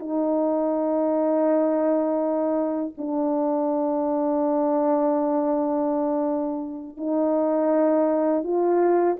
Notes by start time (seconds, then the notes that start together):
0.00 D#4
2.98 D4
6.97 D#4
8.44 F4